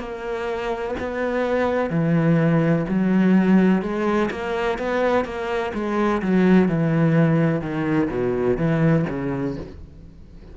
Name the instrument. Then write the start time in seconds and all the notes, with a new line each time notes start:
cello
0.00 A#3
1.00 B3
1.90 E3
2.89 F#3
3.83 G#3
4.31 A#3
4.79 B3
5.26 A#3
5.74 G#3
6.23 F#3
6.69 E3
7.62 D#3
8.11 B2
8.58 E3
9.10 C#3